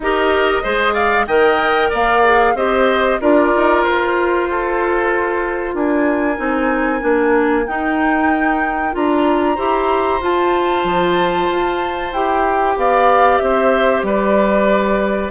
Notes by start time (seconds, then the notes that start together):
0.00 D#4 G4 A#4 D#5
0.62 G#3 G#4 C5
0.93 D5 F5
1.27 D#3 A#4 D#5 G5
1.89 A#3 D5 F5
2.23 G#4
2.54 C4 G4 C5 D#5
3.20 D4 F4 A#4 D5
3.55 D#4
3.83 F4 C5
4.50 A4
5.74 D4 A#4 G#5
6.36 C4 D#4
7.00 A#3 D4
7.66 D#4 G5
8.91 D4 F4 A#5
9.54 E4 G4 C5
10.20 F4 A5
10.84 F3
11.50 F4
12.12 E4 G4 G5
12.76 B3 D5 F5
13.38 C4 C5 E5
14.02 G3 B4 D5